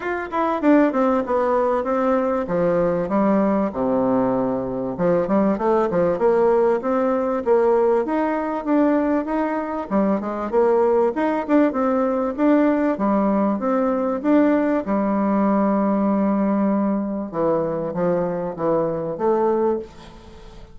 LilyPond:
\new Staff \with { instrumentName = "bassoon" } { \time 4/4 \tempo 4 = 97 f'8 e'8 d'8 c'8 b4 c'4 | f4 g4 c2 | f8 g8 a8 f8 ais4 c'4 | ais4 dis'4 d'4 dis'4 |
g8 gis8 ais4 dis'8 d'8 c'4 | d'4 g4 c'4 d'4 | g1 | e4 f4 e4 a4 | }